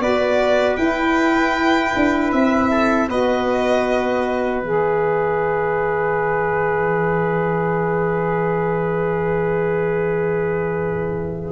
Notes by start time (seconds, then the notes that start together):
0.00 B3 F#4 B4 D5
0.77 E4 G5
1.96 D4
2.31 C4 E5
2.71 A4
3.08 B3 F#4 B4 D#5
4.61 E3 G#4 E5